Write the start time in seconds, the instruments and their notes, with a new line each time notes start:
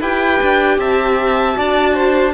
0.00 cello E4, viola G4, violin B4 G5
0.43 cello D4
0.78 cello C4, violin E5 A5
1.54 cello D4, viola F#4, violin D5
1.94 violin C5